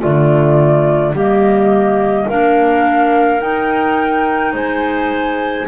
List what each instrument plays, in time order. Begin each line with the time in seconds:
0.00 double bass D3, clarinet A3 F4, flute D5
1.12 double bass G3, clarinet A#3 G4, flute D#5
2.26 double bass A#3, clarinet D4 A#4, flute F5
3.40 clarinet D#4, double bass D#4, flute G5
4.53 double bass G#3, clarinet C5, flute G#5